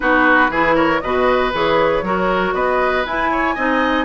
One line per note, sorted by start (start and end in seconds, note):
0.00 0.49 B3
0.00 0.50 D#4
0.00 0.50 F#4
0.00 0.76 B4
0.49 1.00 E3
0.49 1.03 E4
0.49 0.75 G#4
0.75 1.00 A#4
0.75 1.00 C#5
1.00 1.53 B2
1.00 1.52 F#4
1.00 2.05 B4
1.00 1.51 D#5
1.52 2.02 E3
1.52 2.03 G#4
1.52 2.53 C#5
2.02 2.52 F#3
2.02 3.06 F#4
2.02 2.54 A#4
2.53 3.04 B3
2.53 3.30 B4
2.53 3.04 D#5
3.05 3.56 E4
3.05 3.57 E4
3.05 4.05 G#5
3.31 3.54 C#5
3.54 4.05 C4
3.54 4.05 D#4
3.54 4.05 D#5